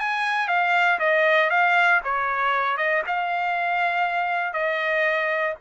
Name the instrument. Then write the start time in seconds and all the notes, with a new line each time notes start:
trumpet
0.00 G#5
0.49 F5
1.00 D#5
1.50 F5
2.05 C#5
2.78 D#5
3.07 F5
4.54 D#5